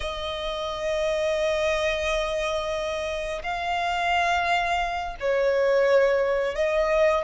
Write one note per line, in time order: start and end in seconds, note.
0.00 3.42 D#5
3.43 5.15 F5
5.19 6.55 C#5
6.55 7.24 D#5